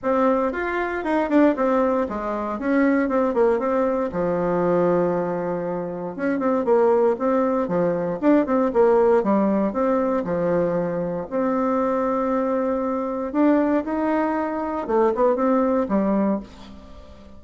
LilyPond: \new Staff \with { instrumentName = "bassoon" } { \time 4/4 \tempo 4 = 117 c'4 f'4 dis'8 d'8 c'4 | gis4 cis'4 c'8 ais8 c'4 | f1 | cis'8 c'8 ais4 c'4 f4 |
d'8 c'8 ais4 g4 c'4 | f2 c'2~ | c'2 d'4 dis'4~ | dis'4 a8 b8 c'4 g4 | }